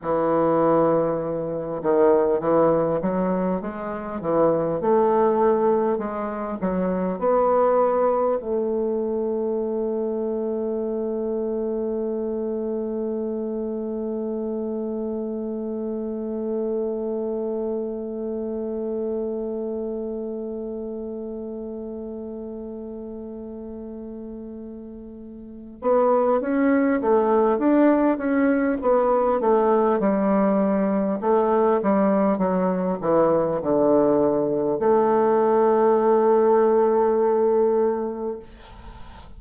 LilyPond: \new Staff \with { instrumentName = "bassoon" } { \time 4/4 \tempo 4 = 50 e4. dis8 e8 fis8 gis8 e8 | a4 gis8 fis8 b4 a4~ | a1~ | a1~ |
a1~ | a4. b8 cis'8 a8 d'8 cis'8 | b8 a8 g4 a8 g8 fis8 e8 | d4 a2. | }